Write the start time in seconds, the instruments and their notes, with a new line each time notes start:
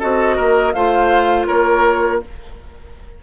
0.00 bassoon C4, clarinet F#4, oboe A4, flute D#5
0.36 bassoon A#3, oboe A#4
0.73 bassoon A3, clarinet F4, oboe C5, flute F5
1.47 bassoon A#3, oboe A#4, flute C#5